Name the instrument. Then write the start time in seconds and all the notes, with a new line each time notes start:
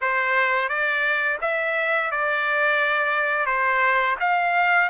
trumpet
0.01 C5
0.68 D5
1.41 E5
2.11 D5
3.46 C5
4.20 F5